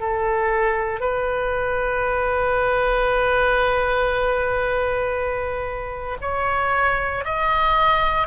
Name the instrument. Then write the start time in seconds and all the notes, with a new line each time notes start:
oboe
0.00 A4
1.01 B4
6.21 C#5
7.25 D#5